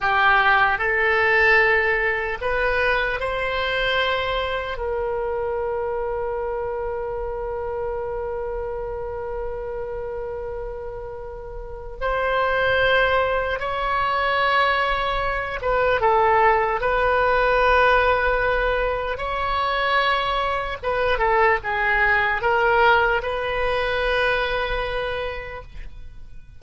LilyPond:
\new Staff \with { instrumentName = "oboe" } { \time 4/4 \tempo 4 = 75 g'4 a'2 b'4 | c''2 ais'2~ | ais'1~ | ais'2. c''4~ |
c''4 cis''2~ cis''8 b'8 | a'4 b'2. | cis''2 b'8 a'8 gis'4 | ais'4 b'2. | }